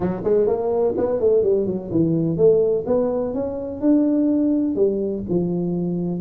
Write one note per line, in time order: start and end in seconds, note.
0.00 0.21 F#3
0.23 0.46 G#3
0.46 0.94 A#3
0.97 1.19 B3
1.19 1.42 A3
1.42 1.66 G3
1.66 1.90 F#3
1.91 2.37 E3
2.37 2.84 A3
2.86 3.33 B3
3.33 3.81 C#4
3.81 4.75 D4
4.75 5.23 G3
5.29 6.21 F3